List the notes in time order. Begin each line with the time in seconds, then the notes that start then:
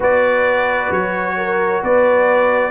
0.00 B3 F#4 B4 D5
0.90 F#3 C#5
1.36 A#4
1.82 B3 B4 D5